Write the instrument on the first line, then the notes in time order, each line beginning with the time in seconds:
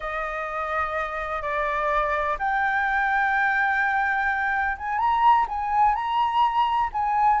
flute
0.00 D#5
1.42 D5
2.39 G5
4.77 G#5
4.98 A#5
5.48 G#5
5.94 A#5
6.93 G#5